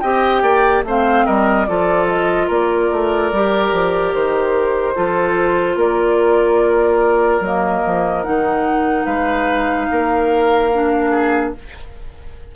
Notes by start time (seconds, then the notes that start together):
0.00 C4 G4 D#5 G5
0.42 A#3 D5
0.84 A3 C4 C5 F5
1.26 G3 A#4 D#5
1.65 F3 F4 A4 D5
2.08 D#5
2.47 A#3 A#4 D5
2.91 A3
3.32 G3 G4
3.72 F3
4.14 D#3 C5
4.95 F3 F4 A4
5.76 A#3 A#4 D5
7.40 F#3 A#3 D#5
7.85 F3
8.23 D#3 D#4 F#5
9.05 G#3 B4 F5
9.91 A#3 A#4
10.73 D4
11.10 G#4